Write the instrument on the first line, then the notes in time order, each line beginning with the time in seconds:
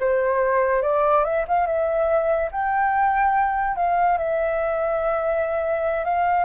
flute
0.00 C5
0.83 D5
1.24 E5
1.48 F5
1.67 E5
2.52 G5
3.77 F5
4.18 E5
6.05 F5